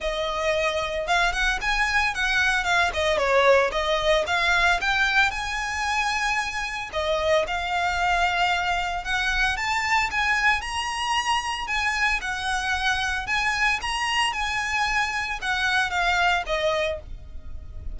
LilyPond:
\new Staff \with { instrumentName = "violin" } { \time 4/4 \tempo 4 = 113 dis''2 f''8 fis''8 gis''4 | fis''4 f''8 dis''8 cis''4 dis''4 | f''4 g''4 gis''2~ | gis''4 dis''4 f''2~ |
f''4 fis''4 a''4 gis''4 | ais''2 gis''4 fis''4~ | fis''4 gis''4 ais''4 gis''4~ | gis''4 fis''4 f''4 dis''4 | }